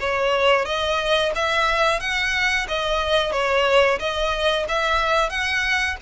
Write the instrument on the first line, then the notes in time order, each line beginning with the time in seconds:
violin
0.00 C#5
0.65 D#5
1.35 E5
2.00 F#5
2.68 D#5
3.32 C#5
4.00 D#5
4.68 E5
5.30 F#5